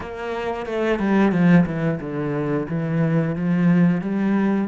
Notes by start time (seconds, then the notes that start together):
0.00 A#3
0.65 A3
0.99 G3
1.32 F3
1.66 E3
2.00 D3
2.68 E3
3.35 F3
4.01 G3